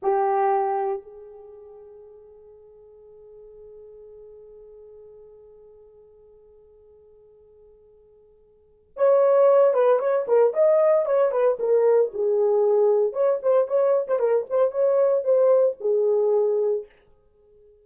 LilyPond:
\new Staff \with { instrumentName = "horn" } { \time 4/4 \tempo 4 = 114 g'2 gis'2~ | gis'1~ | gis'1~ | gis'1~ |
gis'4 cis''4. b'8 cis''8 ais'8 | dis''4 cis''8 b'8 ais'4 gis'4~ | gis'4 cis''8 c''8 cis''8. c''16 ais'8 c''8 | cis''4 c''4 gis'2 | }